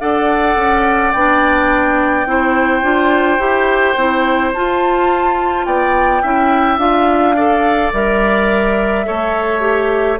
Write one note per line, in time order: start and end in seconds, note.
0.00 0.56 D4
0.00 1.13 A4
0.00 2.27 D5
0.00 1.12 F#5
0.56 1.13 C#4
1.12 2.26 B3
1.12 2.27 D4
1.12 4.52 G5
2.26 2.83 C4
2.26 2.83 E4
2.26 5.66 C5
2.83 3.39 D4
2.83 3.39 F4
3.39 3.95 E4
3.39 3.96 G4
3.96 4.53 C4
3.96 4.54 E4
4.53 5.66 F4
4.53 6.24 F4
4.53 5.65 A5
5.65 6.23 B3
5.65 6.22 D5
5.65 6.79 G5
6.22 6.78 C#4
6.22 6.79 E4
6.22 7.36 E5
6.78 7.91 D4
6.78 7.35 F4
6.78 7.92 F5
7.36 7.93 A4
7.36 9.06 D5
7.93 9.06 G3
7.93 9.05 A#4
7.93 10.20 E5
9.05 10.20 A3
9.05 9.61 A4
9.05 10.20 C#5
9.61 10.17 G4